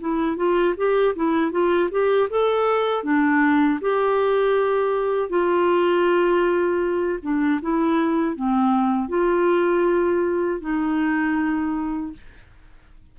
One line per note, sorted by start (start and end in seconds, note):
0.00 0.36 E4
0.36 0.74 F4
0.77 1.15 G4
1.15 1.51 E4
1.51 1.89 F4
1.91 2.29 G4
2.30 3.03 A4
3.03 3.79 D4
3.81 5.29 G4
5.29 7.19 F4
7.22 7.60 D4
7.62 8.35 E4
8.35 9.08 C4
9.08 10.60 F4
10.61 12.12 D#4